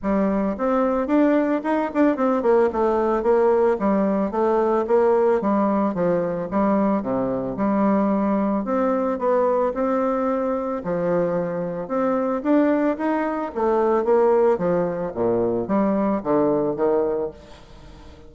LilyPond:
\new Staff \with { instrumentName = "bassoon" } { \time 4/4 \tempo 4 = 111 g4 c'4 d'4 dis'8 d'8 | c'8 ais8 a4 ais4 g4 | a4 ais4 g4 f4 | g4 c4 g2 |
c'4 b4 c'2 | f2 c'4 d'4 | dis'4 a4 ais4 f4 | ais,4 g4 d4 dis4 | }